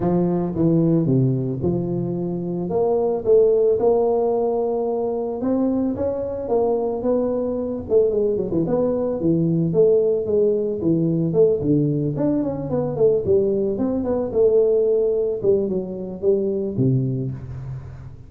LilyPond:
\new Staff \with { instrumentName = "tuba" } { \time 4/4 \tempo 4 = 111 f4 e4 c4 f4~ | f4 ais4 a4 ais4~ | ais2 c'4 cis'4 | ais4 b4. a8 gis8 fis16 e16 |
b4 e4 a4 gis4 | e4 a8 d4 d'8 cis'8 b8 | a8 g4 c'8 b8 a4.~ | a8 g8 fis4 g4 c4 | }